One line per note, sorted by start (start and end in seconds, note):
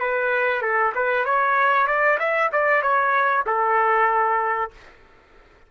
0.00 0.62 B4
0.62 0.93 A4
0.95 1.25 B4
1.25 1.87 C#5
1.87 2.18 D5
2.19 2.51 E5
2.52 2.82 D5
2.82 3.45 C#5
3.46 4.71 A4